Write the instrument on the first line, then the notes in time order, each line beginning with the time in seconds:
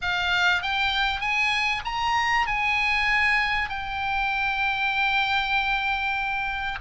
oboe
0.01 F5
0.62 G5
1.20 G#5
1.84 A#5
2.46 G#5
3.69 G5